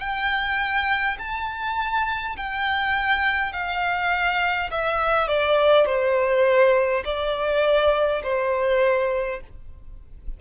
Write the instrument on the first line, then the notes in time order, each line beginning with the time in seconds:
violin
0.00 G5
1.19 A5
2.37 G5
3.53 F5
4.72 E5
5.28 D5
5.87 C5
7.05 D5
8.24 C5